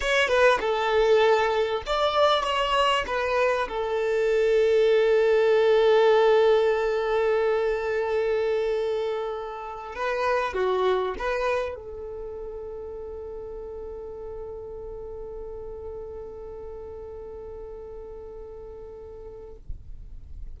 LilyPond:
\new Staff \with { instrumentName = "violin" } { \time 4/4 \tempo 4 = 98 cis''8 b'8 a'2 d''4 | cis''4 b'4 a'2~ | a'1~ | a'1~ |
a'16 b'4 fis'4 b'4 a'8.~ | a'1~ | a'1~ | a'1 | }